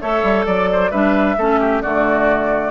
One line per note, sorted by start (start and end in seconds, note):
0.00 0.22 A3
0.00 0.91 A4
0.00 0.45 C#5
0.00 0.45 E5
0.22 0.45 G3
0.45 0.91 F#3
0.45 0.68 D5
0.45 0.91 D5
0.72 0.90 C5
0.90 1.37 G3
0.90 1.37 D4
0.90 1.35 B4
0.90 1.81 E5
1.37 1.82 A3
1.37 1.84 C#4
1.37 1.59 A4
1.59 1.82 G4
1.81 2.70 D3
1.81 2.70 A3
1.81 2.70 F#4
1.81 2.70 D5